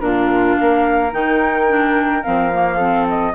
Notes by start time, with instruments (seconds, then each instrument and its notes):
0.00 bassoon A#2, clarinet D4, flute F4 A#4
0.56 bassoon A#3, flute A#4 F5
1.12 bassoon D#3, clarinet D#4, flute G5
1.69 clarinet D4
2.23 bassoon F3, clarinet C4, flute F5
2.53 clarinet A#3
2.77 clarinet C4, flute A4
3.09 flute D#5